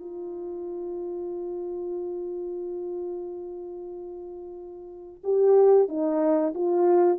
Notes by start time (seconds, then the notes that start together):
0.00 F4
5.24 G4
5.88 D#4
6.55 F4